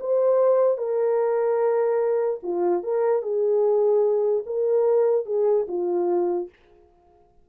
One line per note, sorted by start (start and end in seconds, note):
0.00 0.78 C5
0.78 2.40 A#4
2.43 2.83 F4
2.83 3.22 A#4
3.22 4.44 G#4
4.46 5.26 A#4
5.26 5.66 G#4
5.68 6.49 F4